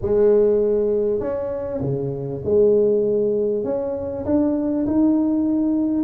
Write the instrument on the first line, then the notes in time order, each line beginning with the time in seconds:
tuba
0.01 G#3
1.20 C#4
1.81 C#3
2.44 G#3
3.64 C#4
4.25 D4
4.86 D#4